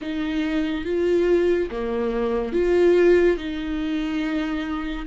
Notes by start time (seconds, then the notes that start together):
0.01 D#4
0.85 F4
1.71 A#3
2.52 F4
3.36 D#4